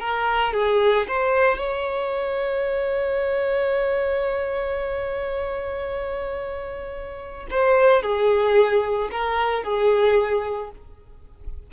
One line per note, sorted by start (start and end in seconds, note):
0.00 0.54 A#4
0.54 1.07 G#4
1.08 1.58 C5
1.58 7.48 C#5
7.51 8.03 C5
8.03 9.10 G#4
9.11 9.64 A#4
9.64 10.71 G#4